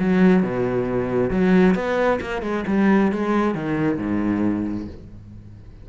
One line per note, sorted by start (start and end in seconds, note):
0.00 0.43 F#3
0.43 1.31 B2
1.31 1.75 F#3
1.75 2.20 B3
2.21 2.42 A#3
2.42 2.65 G#3
2.67 3.12 G3
3.12 3.55 G#3
3.55 3.98 D#3
3.98 4.88 G#2